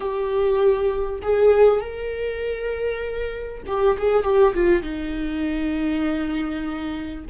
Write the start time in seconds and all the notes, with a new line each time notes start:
0.00 G4
1.22 G#4
1.80 A#4
3.67 G4
3.98 G#4
4.23 G4
4.53 F4
4.82 D#4